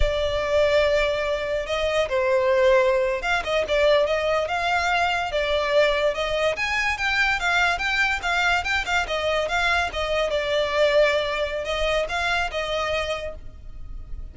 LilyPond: \new Staff \with { instrumentName = "violin" } { \time 4/4 \tempo 4 = 144 d''1 | dis''4 c''2~ c''8. f''16~ | f''16 dis''8 d''4 dis''4 f''4~ f''16~ | f''8. d''2 dis''4 gis''16~ |
gis''8. g''4 f''4 g''4 f''16~ | f''8. g''8 f''8 dis''4 f''4 dis''16~ | dis''8. d''2.~ d''16 | dis''4 f''4 dis''2 | }